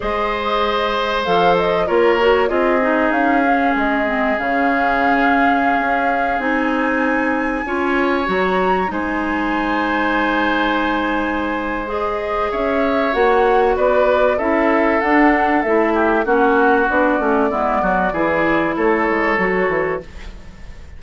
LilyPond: <<
  \new Staff \with { instrumentName = "flute" } { \time 4/4 \tempo 4 = 96 dis''2 f''8 dis''8 cis''4 | dis''4 f''4 dis''4 f''4~ | f''2~ f''16 gis''4.~ gis''16~ | gis''4~ gis''16 ais''4 gis''4.~ gis''16~ |
gis''2. dis''4 | e''4 fis''4 d''4 e''4 | fis''4 e''4 fis''4 d''4~ | d''2 cis''2 | }
  \new Staff \with { instrumentName = "oboe" } { \time 4/4 c''2. ais'4 | gis'1~ | gis'1~ | gis'16 cis''2 c''4.~ c''16~ |
c''1 | cis''2 b'4 a'4~ | a'4. g'8 fis'2 | e'8 fis'8 gis'4 a'2 | }
  \new Staff \with { instrumentName = "clarinet" } { \time 4/4 gis'2 a'4 f'8 fis'8 | f'8 dis'4 cis'4 c'8 cis'4~ | cis'2~ cis'16 dis'4.~ dis'16~ | dis'16 f'4 fis'4 dis'4.~ dis'16~ |
dis'2. gis'4~ | gis'4 fis'2 e'4 | d'4 e'4 cis'4 d'8 cis'8 | b4 e'2 fis'4 | }
  \new Staff \with { instrumentName = "bassoon" } { \time 4/4 gis2 f4 ais4 | c'4 cis'4 gis4 cis4~ | cis4~ cis16 cis'4 c'4.~ c'16~ | c'16 cis'4 fis4 gis4.~ gis16~ |
gis1 | cis'4 ais4 b4 cis'4 | d'4 a4 ais4 b8 a8 | gis8 fis8 e4 a8 gis8 fis8 e8 | }
>>